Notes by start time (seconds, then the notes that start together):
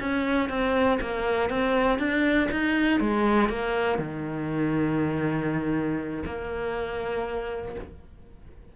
0.00 C#4
0.49 C4
1.01 A#3
1.50 C4
1.99 D4
2.51 D#4
3.00 G#3
3.49 A#3
3.98 D#3
6.26 A#3